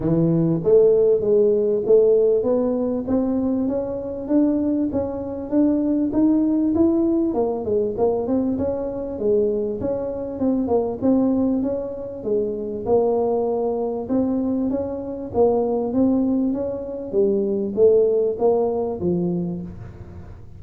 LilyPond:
\new Staff \with { instrumentName = "tuba" } { \time 4/4 \tempo 4 = 98 e4 a4 gis4 a4 | b4 c'4 cis'4 d'4 | cis'4 d'4 dis'4 e'4 | ais8 gis8 ais8 c'8 cis'4 gis4 |
cis'4 c'8 ais8 c'4 cis'4 | gis4 ais2 c'4 | cis'4 ais4 c'4 cis'4 | g4 a4 ais4 f4 | }